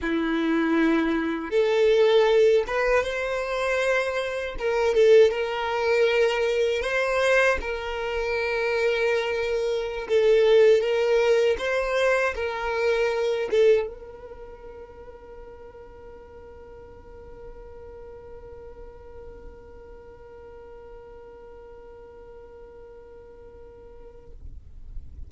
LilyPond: \new Staff \with { instrumentName = "violin" } { \time 4/4 \tempo 4 = 79 e'2 a'4. b'8 | c''2 ais'8 a'8 ais'4~ | ais'4 c''4 ais'2~ | ais'4~ ais'16 a'4 ais'4 c''8.~ |
c''16 ais'4. a'8 ais'4.~ ais'16~ | ais'1~ | ais'1~ | ais'1 | }